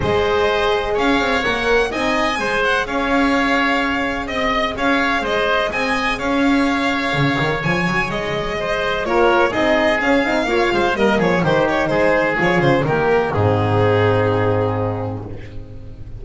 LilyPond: <<
  \new Staff \with { instrumentName = "violin" } { \time 4/4 \tempo 4 = 126 dis''2 f''4 fis''4 | gis''4. fis''8 f''2~ | f''4 dis''4 f''4 dis''4 | gis''4 f''2. |
gis''4 dis''2 cis''4 | dis''4 f''2 dis''8 cis''8 | c''8 cis''8 c''4 cis''8 c''8 ais'4 | gis'1 | }
  \new Staff \with { instrumentName = "oboe" } { \time 4/4 c''2 cis''2 | dis''4 c''4 cis''2~ | cis''4 dis''4 cis''4 c''4 | dis''4 cis''2.~ |
cis''2 c''4 ais'4 | gis'2 cis''8 c''8 ais'8 gis'8 | g'4 gis'2 g'4 | dis'1 | }
  \new Staff \with { instrumentName = "horn" } { \time 4/4 gis'2. ais'4 | dis'4 gis'2.~ | gis'1~ | gis'1~ |
gis'2. f'4 | dis'4 cis'8 dis'8 f'4 ais4 | dis'2 f'4 ais4 | c'1 | }
  \new Staff \with { instrumentName = "double bass" } { \time 4/4 gis2 cis'8 c'8 ais4 | c'4 gis4 cis'2~ | cis'4 c'4 cis'4 gis4 | c'4 cis'2 cis8 dis8 |
f8 fis8 gis2 ais4 | c'4 cis'8 c'8 ais8 gis8 g8 f8 | dis4 gis4 f8 cis8 dis4 | gis,1 | }
>>